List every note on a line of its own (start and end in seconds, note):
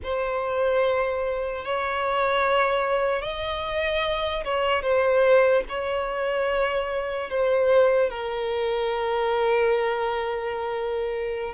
0.03 1.64 C5
1.64 3.22 C#5
3.22 4.43 D#5
4.44 4.82 C#5
4.82 5.63 C5
5.68 7.30 C#5
7.30 8.10 C5
8.10 11.53 A#4